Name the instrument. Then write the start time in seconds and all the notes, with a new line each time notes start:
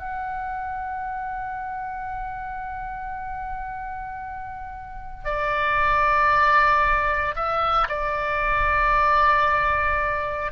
oboe
0.00 F#5
5.25 D5
7.36 E5
7.89 D5